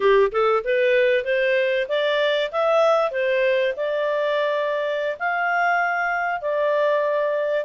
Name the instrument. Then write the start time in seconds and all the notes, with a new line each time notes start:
clarinet
0.00 G4
0.32 A4
0.64 B4
1.24 C5
1.88 D5
2.51 E5
3.11 C5
3.76 D5
5.19 F5
6.41 D5